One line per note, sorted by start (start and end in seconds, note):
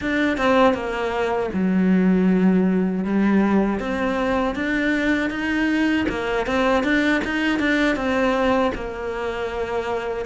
0.01 0.37 D4
0.37 0.74 C4
0.74 1.49 A#3
1.53 3.04 F#3
3.04 3.79 G3
3.79 4.55 C4
4.55 5.30 D4
5.30 6.06 D#4
6.09 6.46 A#3
6.46 6.84 C4
6.84 7.22 D4
7.24 7.59 D#4
7.59 7.95 D4
7.95 8.71 C4
8.74 10.25 A#3